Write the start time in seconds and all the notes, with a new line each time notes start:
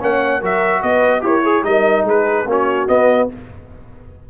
0.00 A#3 C#4 C#5 F#5
0.40 F#3 F#4 A#4 E5
0.82 B3 B4 D#5
1.20 E4 G4 A#4 C#5
1.43 G#4
1.63 G3 D#4 A#4 D#5
2.03 G#3 G#4 B4
2.46 A#3 C#4 F#4 C#5
2.87 B3 D#5